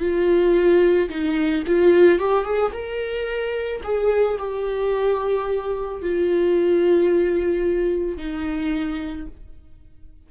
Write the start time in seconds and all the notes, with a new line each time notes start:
0.00 F4
1.10 D#4
1.67 F4
2.19 G4
2.45 G#4
2.73 A#4
3.84 G#4
4.39 G4
6.02 F4
8.18 D#4